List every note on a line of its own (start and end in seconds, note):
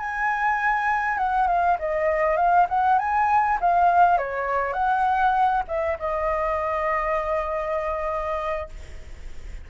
0.00 1.18 G#5
1.18 1.48 F#5
1.48 1.78 F5
1.79 2.37 D#5
2.37 2.67 F5
2.69 2.99 F#5
2.99 3.59 G#5
3.61 4.18 F5
4.18 4.73 C#5
4.73 5.63 F#5
5.68 5.98 E5
5.99 8.69 D#5